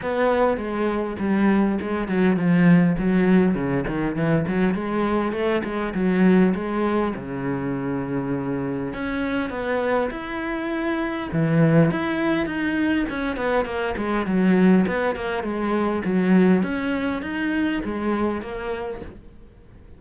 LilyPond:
\new Staff \with { instrumentName = "cello" } { \time 4/4 \tempo 4 = 101 b4 gis4 g4 gis8 fis8 | f4 fis4 cis8 dis8 e8 fis8 | gis4 a8 gis8 fis4 gis4 | cis2. cis'4 |
b4 e'2 e4 | e'4 dis'4 cis'8 b8 ais8 gis8 | fis4 b8 ais8 gis4 fis4 | cis'4 dis'4 gis4 ais4 | }